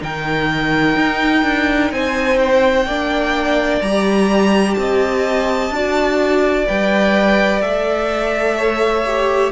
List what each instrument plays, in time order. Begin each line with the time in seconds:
0.00 cello D#3, viola D#4, violin A#4 G5
0.96 cello D#4
1.43 cello D4
1.91 cello C4, violin C5 G#5
2.39 violin G5
2.86 cello A#3, viola D4, violin D5
3.81 cello G3, viola G4, violin A#5
4.75 cello C4, violin D#5 A5
5.70 cello D4, viola F#4, violin D5
6.67 cello G3, viola B4, violin G5
7.62 cello A3, viola A4, violin E5
8.58 violin C#5
9.06 viola G4